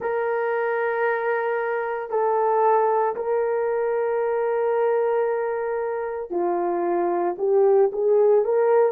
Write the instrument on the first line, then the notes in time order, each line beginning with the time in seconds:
horn
0.00 A#4
2.10 A4
3.15 A#4
6.30 F4
7.38 G4
7.92 G#4
8.44 A#4